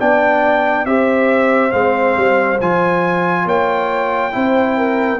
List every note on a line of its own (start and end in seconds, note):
0.00 0.85 B3
0.00 0.86 D4
0.00 0.87 D5
0.00 0.86 G5
0.85 1.72 C4
0.85 1.71 G4
0.85 3.45 C5
0.85 1.72 E5
1.71 2.16 G#3
1.71 2.58 C4
1.71 2.59 F5
2.16 2.60 G3
2.61 3.45 F3
2.61 4.31 F4
2.61 3.48 G#5
3.45 4.32 A#3
3.45 4.32 C#5
3.45 5.20 G5
4.31 5.20 C4
4.31 5.18 E4
4.31 4.77 C5
4.77 5.20 A#4